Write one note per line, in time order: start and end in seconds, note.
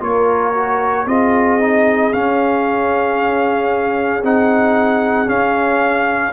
0.00 1.05 A#3
0.00 0.53 F4
0.00 1.06 A#4
0.00 1.07 C#5
0.54 1.06 F#4
1.05 2.11 C4
1.05 1.59 F4
1.05 6.32 G#4
1.05 2.12 D#5
1.59 2.12 D#4
2.12 4.22 C#4
2.12 4.23 F5
4.22 5.27 C4
4.22 5.26 D#4
4.22 5.29 F#5
5.26 6.31 C#4
5.26 6.32 C#4
5.26 6.32 F5